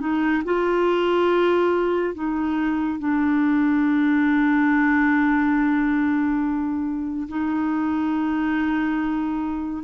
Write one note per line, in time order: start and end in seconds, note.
0.00 0.43 D#4
0.44 2.14 F4
2.14 2.99 D#4
2.99 7.28 D4
7.28 9.84 D#4